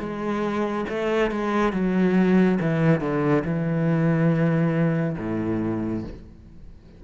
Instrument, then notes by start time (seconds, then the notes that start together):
cello
0.00 G#3
0.89 A3
1.32 G#3
1.73 F#3
2.61 E3
3.01 D3
3.45 E3
5.19 A2